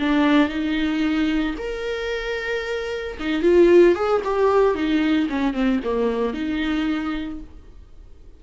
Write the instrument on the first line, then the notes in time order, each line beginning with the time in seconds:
viola
0.00 D4
0.49 D#4
1.58 A#4
3.20 D#4
3.42 F4
3.95 G#4
4.25 G4
4.75 D#4
5.30 C#4
5.54 C4
5.85 A#3
6.34 D#4